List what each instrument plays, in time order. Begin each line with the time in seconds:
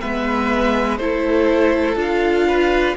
0.00 cello G#3, viola B3, violin B4 E5
0.97 cello A3, viola E4, violin A4 C5
1.95 cello D4, viola F4, violin F5
2.47 violin B4